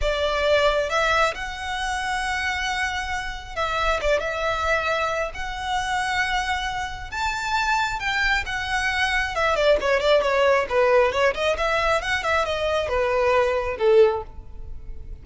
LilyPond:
\new Staff \with { instrumentName = "violin" } { \time 4/4 \tempo 4 = 135 d''2 e''4 fis''4~ | fis''1 | e''4 d''8 e''2~ e''8 | fis''1 |
a''2 g''4 fis''4~ | fis''4 e''8 d''8 cis''8 d''8 cis''4 | b'4 cis''8 dis''8 e''4 fis''8 e''8 | dis''4 b'2 a'4 | }